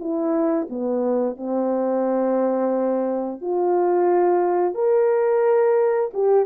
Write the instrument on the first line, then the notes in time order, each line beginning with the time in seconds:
horn
0.00 E4
0.70 B3
1.37 C4
3.42 F4
4.75 A#4
6.14 G4